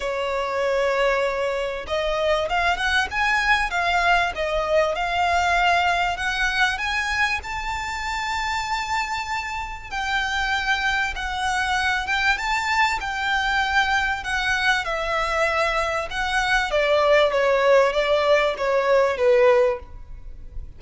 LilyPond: \new Staff \with { instrumentName = "violin" } { \time 4/4 \tempo 4 = 97 cis''2. dis''4 | f''8 fis''8 gis''4 f''4 dis''4 | f''2 fis''4 gis''4 | a''1 |
g''2 fis''4. g''8 | a''4 g''2 fis''4 | e''2 fis''4 d''4 | cis''4 d''4 cis''4 b'4 | }